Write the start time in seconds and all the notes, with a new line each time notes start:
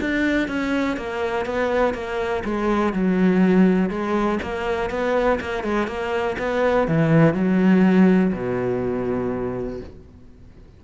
0.00 D4
0.48 C#4
0.97 A#3
1.45 B3
1.94 A#3
2.44 G#3
2.93 F#3
3.89 G#3
4.42 A#3
4.90 B3
5.40 A#3
5.63 G#3
5.87 A#3
6.38 B3
6.87 E3
7.34 F#3
8.33 B2